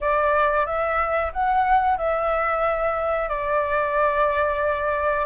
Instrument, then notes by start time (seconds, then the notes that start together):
flute
0.00 D5
0.66 E5
1.32 F#5
1.97 E5
3.28 D5